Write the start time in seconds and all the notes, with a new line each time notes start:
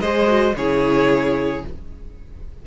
0.00 G#3 G#4 C5 D#5
0.27 F#4
0.56 C#3 E4 G#4 C#5